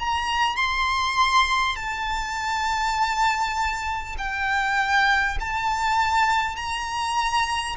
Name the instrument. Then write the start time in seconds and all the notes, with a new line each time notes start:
violin
0.00 A#5
0.57 C6
1.76 A5
4.18 G5
5.41 A5
6.57 A#5